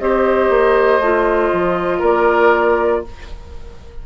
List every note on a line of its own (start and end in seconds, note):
0.00 0.50 C4
0.00 1.03 G4
0.00 1.99 C5
0.00 2.03 D#5
0.50 1.00 A#3
1.00 1.51 A3
1.00 3.07 F4
1.53 2.02 F3
1.99 3.04 A#3
1.99 3.01 A#4
1.99 3.05 D5